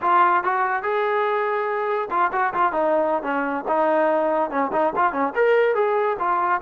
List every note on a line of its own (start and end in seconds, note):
0.01 0.43 F4
0.43 0.83 F#4
0.83 2.08 G#4
2.10 2.31 F4
2.32 2.53 F#4
2.53 2.72 F4
2.72 3.22 D#4
3.22 3.64 C#4
3.68 4.50 D#4
4.50 4.71 C#4
4.72 4.93 D#4
4.95 5.12 F4
5.12 5.33 C#4
5.35 5.74 A#4
5.74 6.16 G#4
6.19 6.61 F4